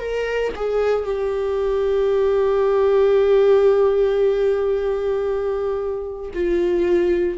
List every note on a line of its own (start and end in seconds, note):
0.00 0.53 A#4
0.56 1.05 G#4
1.05 6.31 G4
6.34 7.38 F4